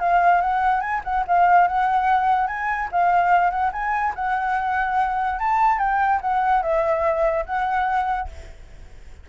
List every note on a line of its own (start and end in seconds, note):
0.00 0.41 F5
0.41 0.81 F#5
0.81 1.02 G#5
1.04 1.25 F#5
1.28 1.68 F5
1.68 2.47 F#5
2.47 2.89 G#5
2.92 3.50 F5
3.50 3.71 F#5
3.72 4.14 G#5
4.15 5.39 F#5
5.39 5.79 A5
5.79 6.20 G5
6.21 6.63 F#5
6.63 7.46 E5
7.46 8.29 F#5